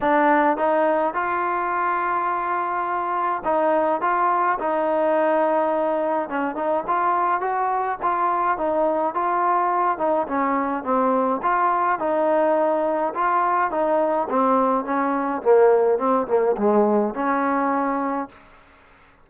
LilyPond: \new Staff \with { instrumentName = "trombone" } { \time 4/4 \tempo 4 = 105 d'4 dis'4 f'2~ | f'2 dis'4 f'4 | dis'2. cis'8 dis'8 | f'4 fis'4 f'4 dis'4 |
f'4. dis'8 cis'4 c'4 | f'4 dis'2 f'4 | dis'4 c'4 cis'4 ais4 | c'8 ais8 gis4 cis'2 | }